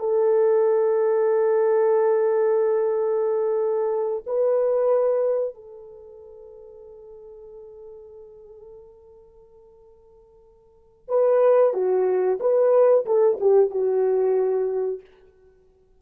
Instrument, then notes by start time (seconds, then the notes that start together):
horn
0.00 A4
4.27 B4
5.55 A4
11.09 B4
11.74 F#4
12.40 B4
13.06 A4
13.41 G4
13.71 F#4